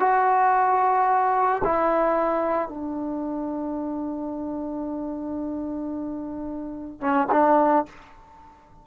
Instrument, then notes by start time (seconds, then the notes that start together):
trombone
0.00 F#4
1.64 E4
2.69 D4
7.01 C#4
7.32 D4